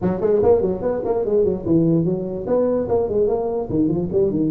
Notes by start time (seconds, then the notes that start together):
0.01 F#3
0.21 G#3
0.42 A#3
0.61 F#3
0.82 B3
1.05 A#3
1.25 G#3
1.44 F#3
1.65 E3
2.05 F#3
2.46 B3
2.88 A#3
3.08 G#3
3.27 A#3
3.69 D#3
3.88 F3
4.12 G3
4.30 D#3